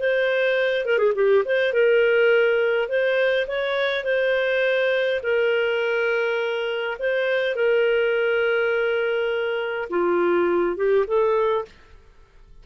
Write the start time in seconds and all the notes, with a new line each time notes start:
0.00 C5
0.86 A#4
0.98 G#4
1.15 G4
1.46 C5
1.73 A#4
2.89 C5
3.48 C#5
4.05 C5
5.23 A#4
7.00 C5
7.56 A#4
9.90 F4
10.77 G4
11.07 A4